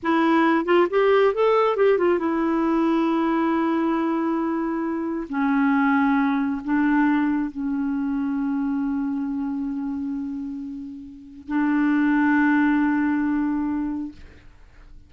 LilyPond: \new Staff \with { instrumentName = "clarinet" } { \time 4/4 \tempo 4 = 136 e'4. f'8 g'4 a'4 | g'8 f'8 e'2.~ | e'1 | cis'2. d'4~ |
d'4 cis'2.~ | cis'1~ | cis'2 d'2~ | d'1 | }